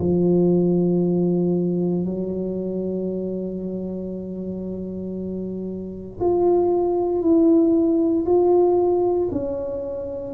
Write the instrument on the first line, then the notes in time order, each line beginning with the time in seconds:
tuba
0.00 F3
2.05 F#3
6.21 F4
7.22 E4
8.26 F4
9.32 C#4